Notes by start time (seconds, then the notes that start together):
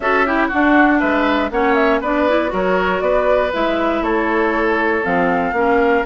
0.00 C#4 F#4 A4 E5
0.26 E4 G4
0.47 D4 F#4 F#5
0.99 G#3 B4 E5
1.51 A#3 C#4 C#5 F#5
1.74 E5
2.00 B3 D4 B4 D5
2.28 E4
2.48 F#3 F#4 A#4
2.54 C#5
3.00 B3 B4 D5
3.53 G#3 E4 E5
4.01 A3 A4 C#5
5.03 F3 C4 F5
5.52 A#3 C#4 A#4